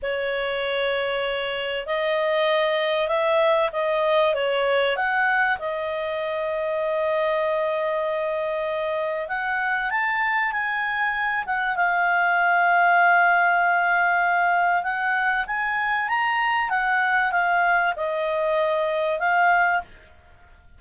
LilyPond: \new Staff \with { instrumentName = "clarinet" } { \time 4/4 \tempo 4 = 97 cis''2. dis''4~ | dis''4 e''4 dis''4 cis''4 | fis''4 dis''2.~ | dis''2. fis''4 |
a''4 gis''4. fis''8 f''4~ | f''1 | fis''4 gis''4 ais''4 fis''4 | f''4 dis''2 f''4 | }